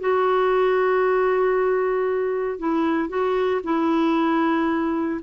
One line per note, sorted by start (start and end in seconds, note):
0.00 2.59 F#4
2.59 3.09 E4
3.09 3.61 F#4
3.64 5.21 E4